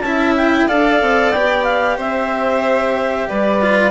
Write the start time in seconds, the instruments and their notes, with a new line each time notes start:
0.00 bassoon C#4, cello E4, violin E5, clarinet A5
0.37 clarinet G5
0.67 bassoon D4, cello A4, violin D5, clarinet F5
1.02 bassoon C4
1.32 bassoon B3, cello G4, clarinet G5
1.64 clarinet F5
1.97 bassoon C4, violin C5, clarinet E5
3.29 bassoon G3, violin B4, clarinet D5
3.62 cello F4